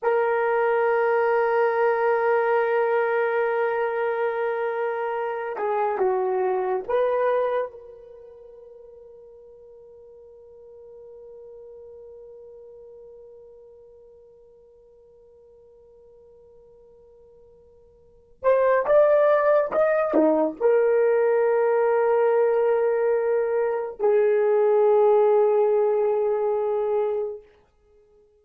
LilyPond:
\new Staff \with { instrumentName = "horn" } { \time 4/4 \tempo 4 = 70 ais'1~ | ais'2~ ais'8 gis'8 fis'4 | b'4 ais'2.~ | ais'1~ |
ais'1~ | ais'4. c''8 d''4 dis''8 dis'8 | ais'1 | gis'1 | }